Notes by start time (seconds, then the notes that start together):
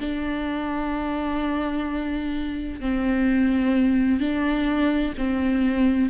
0.00 D4
2.80 C4
4.20 D4
5.18 C4